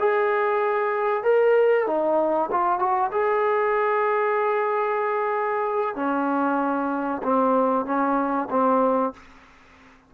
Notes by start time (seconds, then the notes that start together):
0.00 G#4
1.24 A#4
1.87 D#4
2.51 F4
2.80 F#4
3.12 G#4
5.96 C#4
7.23 C4
7.86 C#4
8.51 C4